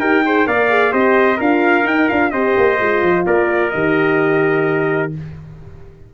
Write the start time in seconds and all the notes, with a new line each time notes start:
0.00 D#4 G4 A#4 G5
0.25 G#4 C5
0.46 A#3 A#4 D5 F5
0.69 G#4
0.91 C4 G4 C5 D#5
1.38 D4 F4 A#4 F5
1.84 D#4 G5
2.09 D4 F4 F5
2.31 C4 G4 C5 D#5
2.57 A#3
2.79 G#3 F4
3.02 F3
3.26 A#3 A#4 D5
3.70 D#3 G4 D#5